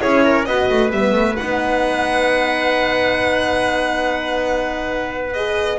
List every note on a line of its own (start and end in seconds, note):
0.00 0.47 C#4
0.00 0.45 E4
0.00 0.24 G#4
0.00 0.46 C#5
0.25 0.47 A#4
0.46 0.70 B3
0.46 0.92 F#4
0.46 5.80 B4
0.46 0.91 D#5
0.70 0.91 A3
0.91 1.12 G3
0.91 1.37 B3
0.91 1.36 E5
1.12 1.35 A3
1.36 5.80 B3
1.36 5.36 D#4
1.36 5.34 F#5
5.34 5.80 G#4
5.34 5.79 D#5